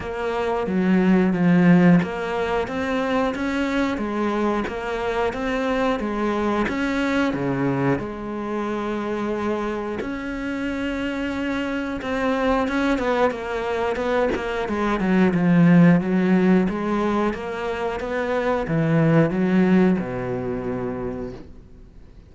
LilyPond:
\new Staff \with { instrumentName = "cello" } { \time 4/4 \tempo 4 = 90 ais4 fis4 f4 ais4 | c'4 cis'4 gis4 ais4 | c'4 gis4 cis'4 cis4 | gis2. cis'4~ |
cis'2 c'4 cis'8 b8 | ais4 b8 ais8 gis8 fis8 f4 | fis4 gis4 ais4 b4 | e4 fis4 b,2 | }